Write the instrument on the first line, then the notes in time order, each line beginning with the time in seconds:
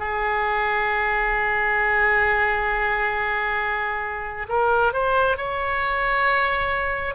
oboe
0.00 G#4
4.49 A#4
4.93 C5
5.37 C#5